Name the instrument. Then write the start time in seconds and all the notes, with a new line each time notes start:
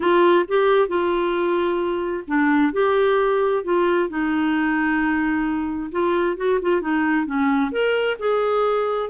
clarinet
0.00 F4
0.48 G4
0.87 F4
2.27 D4
2.73 G4
3.64 F4
4.09 D#4
5.91 F4
6.36 F#4
6.61 F4
6.81 D#4
7.25 C#4
7.71 A#4
8.19 G#4